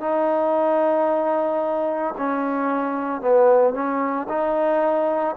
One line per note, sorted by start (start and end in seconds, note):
0.00 2.14 D#4
2.17 3.21 C#4
3.21 3.74 B3
3.74 4.27 C#4
4.29 5.36 D#4